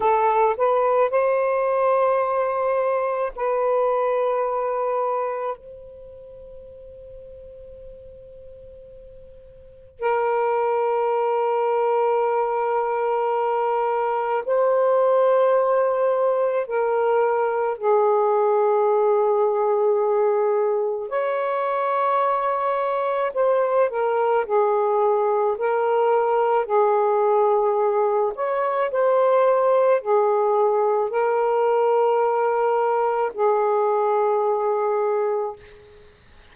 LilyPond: \new Staff \with { instrumentName = "saxophone" } { \time 4/4 \tempo 4 = 54 a'8 b'8 c''2 b'4~ | b'4 c''2.~ | c''4 ais'2.~ | ais'4 c''2 ais'4 |
gis'2. cis''4~ | cis''4 c''8 ais'8 gis'4 ais'4 | gis'4. cis''8 c''4 gis'4 | ais'2 gis'2 | }